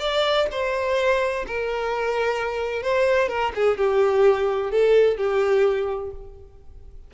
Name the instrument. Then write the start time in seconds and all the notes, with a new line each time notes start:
violin
0.00 D5
0.52 C5
1.47 A#4
2.83 C5
3.29 A#4
3.55 G#4
3.77 G4
4.71 A4
5.18 G4